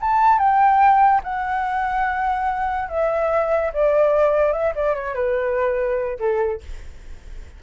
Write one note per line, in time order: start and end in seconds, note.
0.00 0.38 A5
0.38 1.21 G5
1.23 2.89 F#5
2.89 3.71 E5
3.73 4.52 D5
4.52 4.73 E5
4.75 4.95 D5
4.95 5.14 C#5
5.14 6.18 B4
6.19 6.60 A4